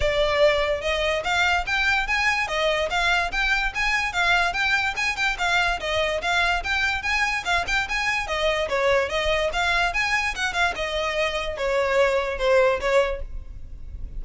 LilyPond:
\new Staff \with { instrumentName = "violin" } { \time 4/4 \tempo 4 = 145 d''2 dis''4 f''4 | g''4 gis''4 dis''4 f''4 | g''4 gis''4 f''4 g''4 | gis''8 g''8 f''4 dis''4 f''4 |
g''4 gis''4 f''8 g''8 gis''4 | dis''4 cis''4 dis''4 f''4 | gis''4 fis''8 f''8 dis''2 | cis''2 c''4 cis''4 | }